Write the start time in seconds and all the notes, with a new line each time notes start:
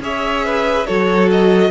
0.00 C#4 G#4 C#5 E5
0.45 B4
0.86 F#3 F#4 A4 C#5
1.31 D#5